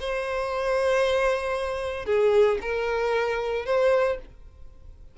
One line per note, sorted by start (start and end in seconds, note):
0.00 2.06 C5
2.06 2.58 G#4
2.61 3.65 A#4
3.65 4.18 C5